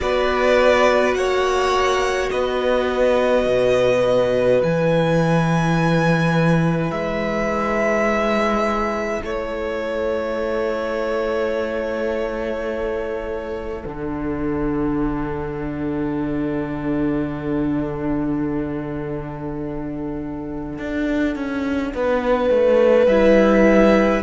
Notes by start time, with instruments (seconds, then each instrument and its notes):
0.00 cello B3, viola F#4, violin B4 D5
1.13 cello A#3, violin C#5 F#5
2.30 cello B3, violin B4 D#5
3.46 cello B2
4.60 cello E3, viola E4, violin G#5
6.91 cello G#3, violin E5
9.22 cello A3, violin A4 C#5
13.84 cello D3, viola D4, violin F#5
20.78 cello D4
21.35 cello C#4
21.94 cello B3, violin B4
22.50 cello A3
23.06 cello G3, viola E4, violin E5